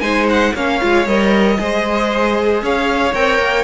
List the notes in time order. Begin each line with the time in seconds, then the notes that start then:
0.00 G#3 D#4 C5 G#5
0.29 F#5
0.54 A#3 C#4 C#5 F5
0.80 G#3 F4
1.06 G3 A#4 D#5
1.58 G#3 G#4 C5
2.62 C#4 C#5 F5
3.14 C4 A#4 G5
3.39 A#3